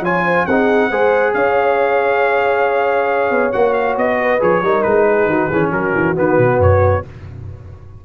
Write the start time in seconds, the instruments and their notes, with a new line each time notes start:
0.00 tuba F3, trombone F4, horn C#5, trumpet G#5
0.24 horn C5
0.46 tuba C4, trombone D#4, horn G#4, trumpet F#5
0.90 tuba G#3, trombone G#4, horn C5
1.33 tuba C#4, horn C#5, trumpet F5
3.30 tuba B3
3.52 tuba A#3, trombone F#4, trumpet F#5
3.73 trumpet F5
3.97 tuba B3, trumpet D#5
4.21 horn B4
4.40 tuba F3, trombone G#4, trumpet C#5
4.62 tuba G3, trombone D#4, horn A#4
4.82 tuba G#3, trumpet B4
5.08 horn G#4
5.25 tuba D#3, horn F#4
5.49 tuba E3, trombone C#4, horn G#4
5.71 tuba F#3, horn F#4, trumpet A#4
5.94 tuba E3
6.15 tuba D#3, trombone B3, trumpet B4
6.38 tuba B2
6.59 tuba F#2, trumpet C#5